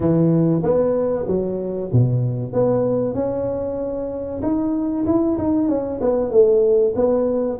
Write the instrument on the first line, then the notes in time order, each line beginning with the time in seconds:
tuba
0.00 E3
0.63 B3
1.27 F#3
1.92 B2
2.53 B3
3.14 C#4
4.42 D#4
5.06 E4
5.37 D#4
5.68 C#4
6.00 B3
6.30 A3
6.95 B3